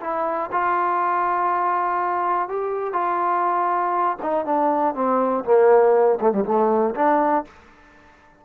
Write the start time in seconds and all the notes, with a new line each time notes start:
0.00 E4
0.51 F4
2.48 G4
2.93 F4
4.22 D#4
4.45 D4
4.94 C4
5.44 A#3
6.20 A3
6.32 G3
6.45 A3
6.95 D4